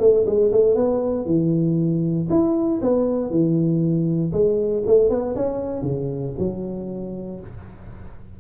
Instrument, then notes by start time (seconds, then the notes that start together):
tuba
0.00 A3
0.26 G#3
0.52 A3
0.76 B3
1.26 E3
2.30 E4
2.82 B3
3.31 E3
4.33 G#3
4.87 A3
5.10 B3
5.36 C#4
5.82 C#3
6.39 F#3